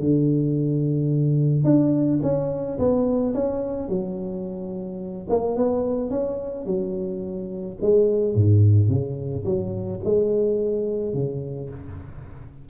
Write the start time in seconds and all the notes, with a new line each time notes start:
0.00 D3
1.64 D4
2.23 C#4
2.79 B3
3.34 C#4
3.89 F#3
5.30 A#3
5.56 B3
6.10 C#4
6.66 F#3
7.82 G#3
8.35 G#2
8.89 C#3
9.45 F#3
10.04 G#3
11.14 C#3